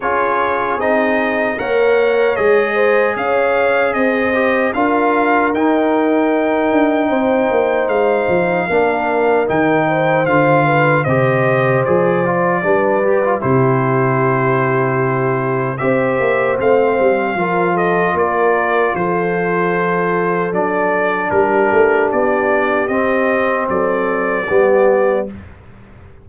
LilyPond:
<<
  \new Staff \with { instrumentName = "trumpet" } { \time 4/4 \tempo 4 = 76 cis''4 dis''4 fis''4 dis''4 | f''4 dis''4 f''4 g''4~ | g''2 f''2 | g''4 f''4 dis''4 d''4~ |
d''4 c''2. | e''4 f''4. dis''8 d''4 | c''2 d''4 ais'4 | d''4 dis''4 d''2 | }
  \new Staff \with { instrumentName = "horn" } { \time 4/4 gis'2 cis''4. c''8 | cis''4 c''4 ais'2~ | ais'4 c''2 ais'4~ | ais'8 c''4 b'8 c''2 |
b'4 g'2. | c''2 ais'8 a'8 ais'4 | a'2. g'4~ | g'2 a'4 g'4 | }
  \new Staff \with { instrumentName = "trombone" } { \time 4/4 f'4 dis'4 ais'4 gis'4~ | gis'4. g'8 f'4 dis'4~ | dis'2. d'4 | dis'4 f'4 g'4 gis'8 f'8 |
d'8 g'16 f'16 e'2. | g'4 c'4 f'2~ | f'2 d'2~ | d'4 c'2 b4 | }
  \new Staff \with { instrumentName = "tuba" } { \time 4/4 cis'4 c'4 ais4 gis4 | cis'4 c'4 d'4 dis'4~ | dis'8 d'8 c'8 ais8 gis8 f8 ais4 | dis4 d4 c4 f4 |
g4 c2. | c'8 ais8 a8 g8 f4 ais4 | f2 fis4 g8 a8 | b4 c'4 fis4 g4 | }
>>